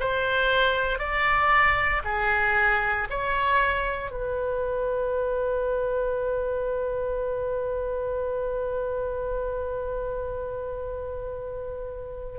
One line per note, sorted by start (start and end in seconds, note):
0.00 0.99 C5
0.99 2.02 D5
2.05 3.08 G#4
3.10 4.11 C#5
4.11 12.39 B4